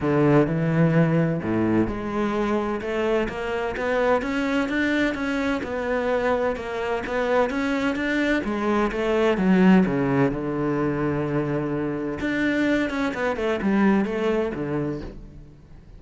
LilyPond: \new Staff \with { instrumentName = "cello" } { \time 4/4 \tempo 4 = 128 d4 e2 a,4 | gis2 a4 ais4 | b4 cis'4 d'4 cis'4 | b2 ais4 b4 |
cis'4 d'4 gis4 a4 | fis4 cis4 d2~ | d2 d'4. cis'8 | b8 a8 g4 a4 d4 | }